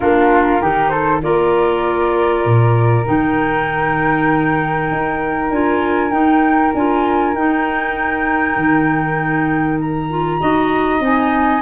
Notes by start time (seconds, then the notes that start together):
0.00 A#3 D4 F4 A#4
0.60 D#3 D#4 G4
0.88 A4 C5
1.21 A#3 F4 A#4 D5
2.45 A#2
3.04 D#3 D#4 G5
4.91 D#4
5.50 D4 F4 G#5
6.11 D#4 G5
6.73 D4 F4 G#5
7.34 D#4 G5
8.56 D#3
9.80 A#5
10.10 F4
10.40 D#4 F#4 D#5
11.00 C4 D#4 G#5